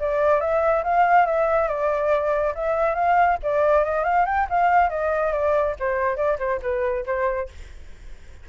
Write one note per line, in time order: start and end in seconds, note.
0.00 0.41 D5
0.41 0.83 E5
0.84 1.26 F5
1.26 1.68 E5
1.68 2.54 D5
2.55 2.95 E5
2.95 3.38 F5
3.43 3.85 D5
3.85 4.04 D#5
4.04 4.26 F5
4.26 4.47 G5
4.50 4.90 F5
4.90 5.33 D#5
5.33 5.75 D5
5.80 6.17 C5
6.17 6.38 D5
6.39 6.60 C5
6.62 7.05 B4
7.06 7.49 C5